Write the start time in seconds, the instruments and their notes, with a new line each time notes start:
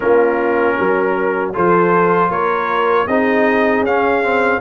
0.00 tuba A#3, trombone C#4, horn F4, trumpet A#4
0.75 tuba F#3, horn A#4
1.53 tuba F3, trombone F4, horn A4, trumpet C5
2.29 tuba A#3, horn A#4, trumpet C#5
3.07 tuba C4, trombone D#4, horn G#4, trumpet D#5
3.80 tuba C#4, trumpet F5
3.87 trombone C#4
4.23 trombone C4